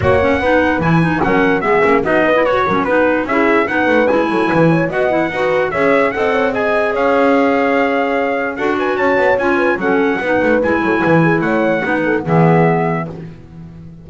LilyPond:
<<
  \new Staff \with { instrumentName = "trumpet" } { \time 4/4 \tempo 4 = 147 fis''2 gis''4 fis''4 | e''4 dis''4 cis''4 b'4 | e''4 fis''4 gis''2 | fis''2 e''4 fis''4 |
gis''4 f''2.~ | f''4 fis''8 gis''8 a''4 gis''4 | fis''2 gis''2 | fis''2 e''2 | }
  \new Staff \with { instrumentName = "horn" } { \time 4/4 cis''4 b'2 ais'4 | gis'4 fis'8 b'4 ais'8 b'4 | gis'4 b'4. a'8 b'8 cis''8 | dis''4 b'4 cis''4 dis''8 cis''8 |
dis''4 cis''2.~ | cis''4 a'8 b'8 cis''4. b'8 | a'4 b'4. a'8 b'8 gis'8 | cis''4 b'8 a'8 gis'2 | }
  \new Staff \with { instrumentName = "clarinet" } { \time 4/4 fis'8 cis'8 dis'4 e'8 dis'8 cis'4 | b8 cis'8 dis'8. e'16 fis'8 cis'8 dis'4 | e'4 dis'4 e'2 | fis'8 e'8 fis'4 gis'4 a'4 |
gis'1~ | gis'4 fis'2 f'4 | cis'4 dis'4 e'2~ | e'4 dis'4 b2 | }
  \new Staff \with { instrumentName = "double bass" } { \time 4/4 ais4 b4 e4 fis4 | gis8 ais8 b4 fis'8 fis8 b4 | cis'4 b8 a8 gis8 fis8 e4 | b4 dis'4 cis'4 c'4~ |
c'4 cis'2.~ | cis'4 d'4 cis'8 b8 cis'4 | fis4 b8 a8 gis8 fis8 e4 | a4 b4 e2 | }
>>